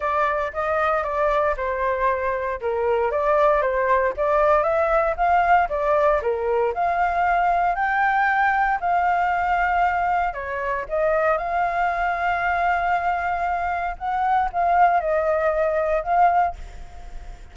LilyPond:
\new Staff \with { instrumentName = "flute" } { \time 4/4 \tempo 4 = 116 d''4 dis''4 d''4 c''4~ | c''4 ais'4 d''4 c''4 | d''4 e''4 f''4 d''4 | ais'4 f''2 g''4~ |
g''4 f''2. | cis''4 dis''4 f''2~ | f''2. fis''4 | f''4 dis''2 f''4 | }